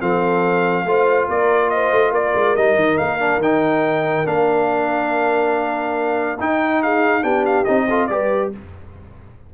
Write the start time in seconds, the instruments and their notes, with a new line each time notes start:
0.00 tuba F3, trombone C4, horn A4, trumpet F5
0.85 tuba A3, trombone F4, horn C5
1.29 tuba A#3, horn A#4, trumpet D5
1.69 horn C5, trumpet D#5
1.91 tuba A3
2.12 tuba A#3, horn A#4, trumpet D5
2.35 tuba G#3
2.56 tuba G3, trombone D#4, trumpet D#5
2.75 tuba D#3
2.98 tuba A#3, trumpet F5
3.19 trombone D4
3.37 tuba D#3, trumpet G5
3.43 trombone D#4
4.25 tuba A#3, trombone D4, trumpet F5
6.40 tuba D#4, trombone D#4, trumpet G5
6.82 horn G#4, trumpet F5
7.22 tuba B3, trombone D4, horn G4, trumpet G5
7.46 trumpet F5
7.64 tuba C4, trombone D#4, trumpet D#5
7.89 trombone F4, horn A4
8.06 tuba G3, trombone G4, horn B4, trumpet D5